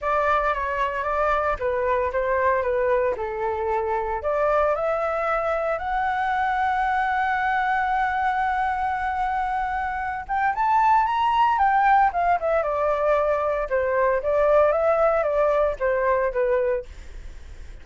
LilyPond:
\new Staff \with { instrumentName = "flute" } { \time 4/4 \tempo 4 = 114 d''4 cis''4 d''4 b'4 | c''4 b'4 a'2 | d''4 e''2 fis''4~ | fis''1~ |
fis''2.~ fis''8 g''8 | a''4 ais''4 g''4 f''8 e''8 | d''2 c''4 d''4 | e''4 d''4 c''4 b'4 | }